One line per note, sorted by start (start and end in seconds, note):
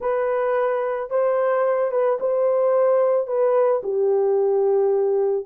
0.00 1.10 B4
1.10 1.91 C5
1.91 2.18 B4
2.20 3.27 C5
3.27 3.81 B4
3.83 5.45 G4